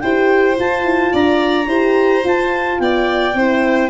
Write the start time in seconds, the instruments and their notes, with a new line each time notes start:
0.00 tuba E4, horn G4, violin C5, clarinet G5
0.56 horn F4, tuba F4, clarinet A5
0.84 tuba E4
1.12 tuba D4, violin D5, clarinet A#5
1.67 tuba E4, horn G4, violin C5
2.23 horn F4, tuba F4, clarinet A5
2.80 tuba B3, violin D5, clarinet G5
3.34 tuba C4, horn E4, violin C5